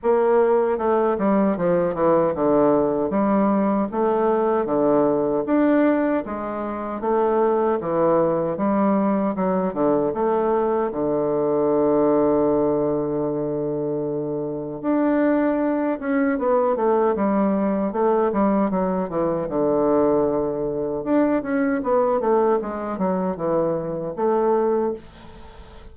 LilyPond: \new Staff \with { instrumentName = "bassoon" } { \time 4/4 \tempo 4 = 77 ais4 a8 g8 f8 e8 d4 | g4 a4 d4 d'4 | gis4 a4 e4 g4 | fis8 d8 a4 d2~ |
d2. d'4~ | d'8 cis'8 b8 a8 g4 a8 g8 | fis8 e8 d2 d'8 cis'8 | b8 a8 gis8 fis8 e4 a4 | }